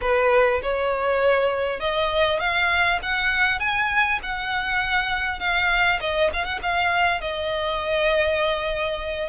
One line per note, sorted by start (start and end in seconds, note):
0.01 0.61 B4
0.62 1.80 C#5
1.80 2.39 D#5
2.39 2.99 F5
3.02 3.59 F#5
3.59 4.19 G#5
4.22 5.39 F#5
5.39 5.99 F5
6.00 6.30 D#5
6.33 6.44 F5
6.44 6.59 F#5
6.62 7.20 F5
7.20 9.29 D#5